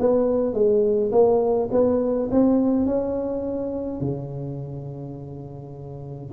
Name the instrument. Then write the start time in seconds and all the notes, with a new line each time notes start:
tuba
0.00 B3
0.54 G#3
1.12 A#3
1.72 B3
2.32 C4
2.87 C#4
4.01 C#3